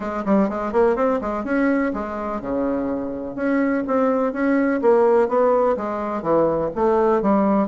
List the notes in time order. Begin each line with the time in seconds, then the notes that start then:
0.00 G#3
0.25 G3
0.49 G#3
0.72 A#3
0.96 C4
1.21 G#3
1.44 C#4
1.93 G#3
2.41 C#3
3.35 C#4
3.87 C4
4.32 C#4
4.81 A#3
5.28 B3
5.76 G#3
6.22 E3
6.75 A3
7.22 G3